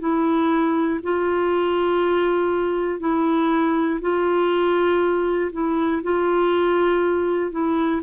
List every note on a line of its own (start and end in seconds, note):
0.00 1.00 E4
1.04 3.00 F4
3.00 4.00 E4
4.01 5.51 F4
5.53 6.03 E4
6.04 7.52 F4
7.52 8.02 E4